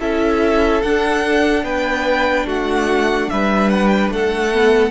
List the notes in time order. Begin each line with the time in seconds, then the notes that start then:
0.00 C#4 E4 A4 E5
0.82 D4 F#5
1.63 B3 B4 G5
2.46 A3 F#4 F#5
3.30 G3 B4 E5
3.70 F#5
3.88 G5
4.10 A3 A4 F#5
4.53 B3